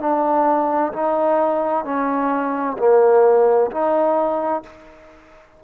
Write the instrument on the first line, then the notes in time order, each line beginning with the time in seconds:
trombone
0.00 D4
0.93 D#4
1.85 C#4
2.79 A#3
3.71 D#4